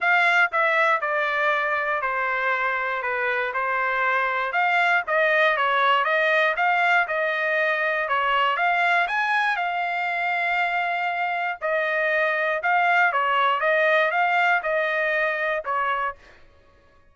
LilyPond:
\new Staff \with { instrumentName = "trumpet" } { \time 4/4 \tempo 4 = 119 f''4 e''4 d''2 | c''2 b'4 c''4~ | c''4 f''4 dis''4 cis''4 | dis''4 f''4 dis''2 |
cis''4 f''4 gis''4 f''4~ | f''2. dis''4~ | dis''4 f''4 cis''4 dis''4 | f''4 dis''2 cis''4 | }